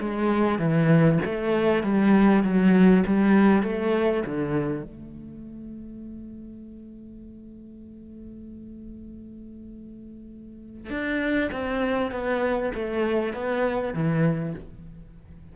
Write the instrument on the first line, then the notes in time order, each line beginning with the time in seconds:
cello
0.00 G#3
0.59 E3
1.25 A3
1.83 G3
2.43 F#3
3.06 G3
3.63 A3
4.26 D3
4.83 A3
10.90 D4
11.52 C4
12.11 B3
12.75 A3
13.33 B3
13.94 E3